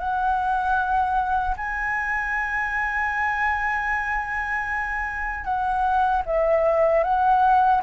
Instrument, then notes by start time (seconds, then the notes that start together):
flute
0.00 F#5
1.57 G#5
5.45 F#5
6.26 E5
7.03 F#5